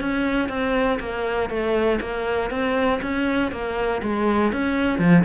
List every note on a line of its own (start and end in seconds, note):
0.00 0.49 C#4
0.49 0.99 C4
0.99 1.49 A#3
1.49 1.99 A3
2.00 2.50 A#3
2.50 3.00 C4
3.02 3.51 C#4
3.51 4.01 A#3
4.02 4.52 G#3
4.52 4.98 C#4
4.98 5.23 F3